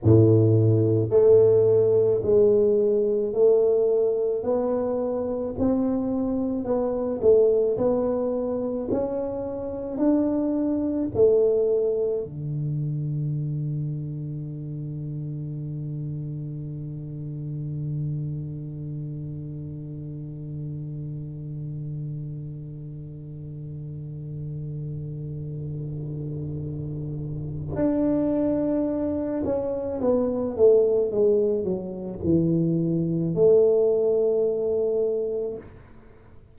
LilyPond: \new Staff \with { instrumentName = "tuba" } { \time 4/4 \tempo 4 = 54 a,4 a4 gis4 a4 | b4 c'4 b8 a8 b4 | cis'4 d'4 a4 d4~ | d1~ |
d1~ | d1~ | d4 d'4. cis'8 b8 a8 | gis8 fis8 e4 a2 | }